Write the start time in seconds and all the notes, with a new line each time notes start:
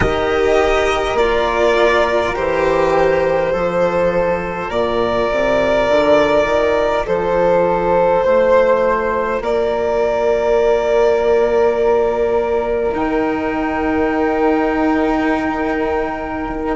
0.00 D#3 G4 A#4 D#5
1.13 A#3 F4 D5
2.34 E3 G4 C5
3.51 F3 F4 A4
4.69 A#2 A#4 D5
5.31 C3
5.88 D3
6.44 D#3
7.05 F3 A4 C5
8.23 A3 C5
9.40 A#3 A#4 D5
12.93 D#3 D#4 G5